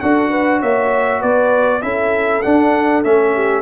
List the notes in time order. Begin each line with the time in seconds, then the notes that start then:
0.00 D4 F#4 A4 F#5
0.29 B4
0.60 A#3 C#5 E5
1.20 B3 B4 D5
1.82 C#4 E4 A4 E5
2.42 D4 F#5
3.03 A3 C#4 E5
3.34 G4